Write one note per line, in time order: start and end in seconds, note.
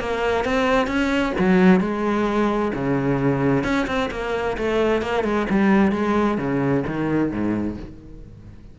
0.00 0.45 A#3
0.45 0.87 C4
0.87 1.33 C#4
1.39 1.80 F#3
1.80 2.72 G#3
2.74 3.64 C#3
3.64 3.87 C#4
3.87 4.10 C4
4.11 4.57 A#3
4.58 5.02 A3
5.02 5.24 A#3
5.24 5.47 G#3
5.50 5.92 G3
5.92 6.38 G#3
6.38 6.84 C#3
6.87 7.31 D#3
7.31 7.77 G#2